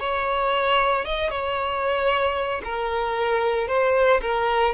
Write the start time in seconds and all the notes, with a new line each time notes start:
0.00 C#5
1.05 D#5
1.30 C#5
2.64 A#4
3.68 C5
4.22 A#4